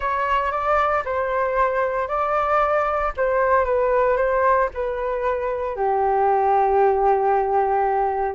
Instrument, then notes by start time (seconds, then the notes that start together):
flute
0.00 C#5
0.51 D5
1.04 C5
2.08 D5
3.16 C5
3.65 B4
4.16 C5
4.74 B4
5.76 G4